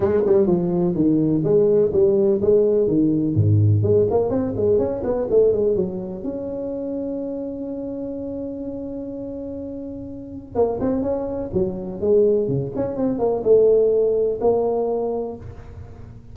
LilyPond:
\new Staff \with { instrumentName = "tuba" } { \time 4/4 \tempo 4 = 125 gis8 g8 f4 dis4 gis4 | g4 gis4 dis4 gis,4 | gis8 ais8 c'8 gis8 cis'8 b8 a8 gis8 | fis4 cis'2.~ |
cis'1~ | cis'2 ais8 c'8 cis'4 | fis4 gis4 cis8 cis'8 c'8 ais8 | a2 ais2 | }